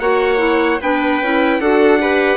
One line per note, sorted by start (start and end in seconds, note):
0.00 0.80 A#3
0.00 0.38 F#4
0.00 0.81 C#5
0.00 0.80 F#5
0.38 0.78 E4
0.81 1.22 B3
0.81 1.23 D4
0.81 1.61 B4
0.81 1.61 G5
1.22 1.60 C#4
1.22 1.62 E4
1.60 2.37 D4
1.60 2.00 F#4
1.60 2.01 A4
1.60 2.37 F#5
2.00 2.37 G4
2.00 2.37 B4